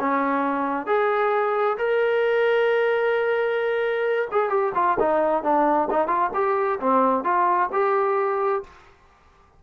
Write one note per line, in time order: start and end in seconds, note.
0.00 0.87 C#4
0.87 1.77 G#4
1.78 4.28 A#4
4.32 4.50 G#4
4.50 4.73 G4
4.75 4.98 F4
5.00 5.43 D#4
5.43 5.89 D4
5.91 6.08 D#4
6.08 6.30 F4
6.34 6.80 G4
6.80 7.24 C4
7.24 7.70 F4
7.73 8.63 G4